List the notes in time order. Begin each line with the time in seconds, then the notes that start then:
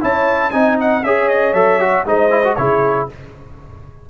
0.00 C#4 E4 C#5 A5
0.50 C4 D#4 D#5 G#5
0.80 F#5
1.03 C#4 G#4 C#5 E5
1.28 D#5
1.53 F#3 A4 E5
1.80 F#4
2.05 G#3 D#4 C5 D#5
2.30 E4
2.44 F#4
2.55 C#3 E4 G#4 C#5